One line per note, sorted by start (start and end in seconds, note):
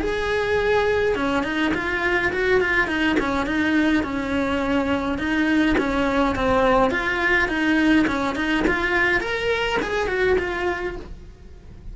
0.00 1.15 G#4
1.15 1.43 C#4
1.43 1.72 D#4
1.74 2.32 F4
2.32 2.60 F#4
2.60 2.87 F4
2.87 3.16 D#4
3.20 3.46 C#4
3.46 4.03 D#4
4.03 5.18 C#4
5.18 5.76 D#4
5.78 6.35 C#4
6.35 6.90 C4
6.90 7.48 F4
7.48 8.06 D#4
8.07 8.35 C#4
8.35 8.64 D#4
8.67 9.20 F4
9.20 9.78 A#4
9.82 10.08 G#4
10.08 10.36 F#4
10.38 10.96 F4